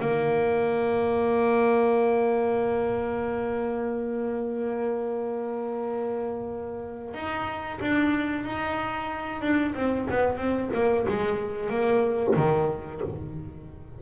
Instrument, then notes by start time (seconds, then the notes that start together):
double bass
0.00 A#3
7.14 D#4
7.81 D4
8.45 D#4
9.42 D4
9.75 C4
10.11 B3
10.37 C4
10.73 A#3
11.09 G#3
11.70 A#3
12.36 D#3